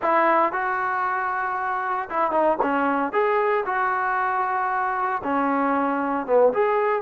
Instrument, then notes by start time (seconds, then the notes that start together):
trombone
0.01 E4
0.52 F#4
2.09 E4
2.31 D#4
2.62 C#4
3.12 G#4
3.65 F#4
5.23 C#4
6.26 B3
6.53 G#4